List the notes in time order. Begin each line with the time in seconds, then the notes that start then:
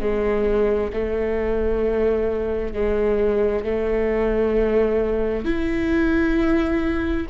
0.00 G#3
0.93 A3
2.74 G#3
3.64 A3
5.45 E4